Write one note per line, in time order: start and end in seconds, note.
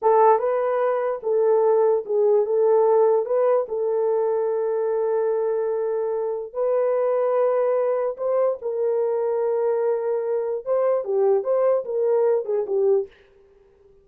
0.01 0.38 A4
0.38 1.20 B4
1.22 2.04 A4
2.05 2.45 G#4
2.45 3.25 A4
3.25 3.66 B4
3.68 6.53 A4
6.53 8.16 B4
8.17 8.58 C5
8.61 10.65 A#4
10.65 11.04 C5
11.04 11.43 G4
11.43 11.84 C5
11.85 12.45 A#4
12.45 12.65 G#4
12.66 13.07 G4